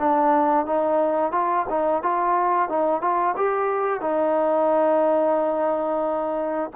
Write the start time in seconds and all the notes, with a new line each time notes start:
0.00 D4
0.66 D#4
1.32 F4
1.70 D#4
2.03 F4
2.70 D#4
3.02 F4
3.37 G4
4.01 D#4